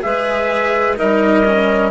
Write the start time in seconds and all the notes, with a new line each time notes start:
0.00 G#3 G#4 B4 E5
0.96 G3 D#4 A#4 D#5
1.45 C#4